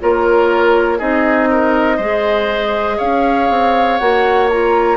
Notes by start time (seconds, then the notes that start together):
0.00 A#3 F4 A#4 C#5
0.99 C4 D#4 G#4 D#5
1.51 A#4
1.97 G#3 G#4 C5
2.98 C#4 C#5 F5
3.50 C4
3.99 A#3 F#4 F#5
4.50 F4 A#5